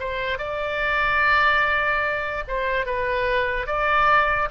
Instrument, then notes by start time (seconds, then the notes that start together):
oboe
0.00 C5
0.38 D5
2.48 C5
2.86 B4
3.67 D5